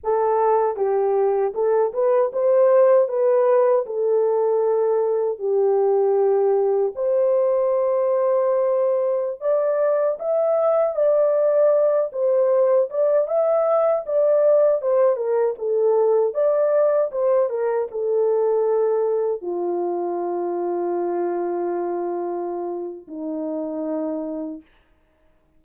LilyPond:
\new Staff \with { instrumentName = "horn" } { \time 4/4 \tempo 4 = 78 a'4 g'4 a'8 b'8 c''4 | b'4 a'2 g'4~ | g'4 c''2.~ | c''16 d''4 e''4 d''4. c''16~ |
c''8. d''8 e''4 d''4 c''8 ais'16~ | ais'16 a'4 d''4 c''8 ais'8 a'8.~ | a'4~ a'16 f'2~ f'8.~ | f'2 dis'2 | }